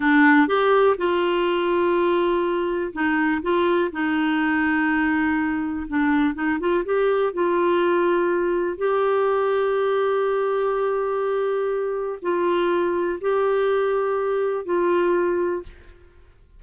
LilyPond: \new Staff \with { instrumentName = "clarinet" } { \time 4/4 \tempo 4 = 123 d'4 g'4 f'2~ | f'2 dis'4 f'4 | dis'1 | d'4 dis'8 f'8 g'4 f'4~ |
f'2 g'2~ | g'1~ | g'4 f'2 g'4~ | g'2 f'2 | }